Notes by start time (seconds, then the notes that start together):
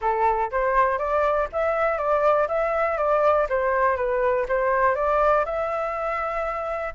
0.01 A4
0.51 C5
0.98 D5
1.52 E5
1.98 D5
2.48 E5
2.97 D5
3.49 C5
3.96 B4
4.48 C5
4.95 D5
5.45 E5